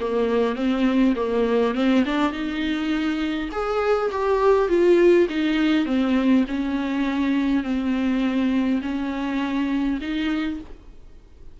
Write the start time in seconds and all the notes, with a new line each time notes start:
0.00 A#3
0.55 C4
1.16 A#3
1.75 C4
2.05 D4
2.32 D#4
3.52 G#4
4.11 G4
4.68 F4
5.29 D#4
5.86 C4
6.48 C#4
7.63 C4
8.82 C#4
10.01 D#4